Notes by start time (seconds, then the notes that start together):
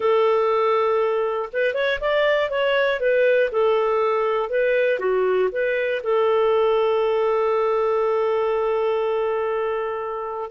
0.00 A4
1.52 B4
1.74 C#5
2.00 D5
2.50 C#5
3.00 B4
3.51 A4
4.49 B4
4.99 F#4
5.52 B4
6.03 A4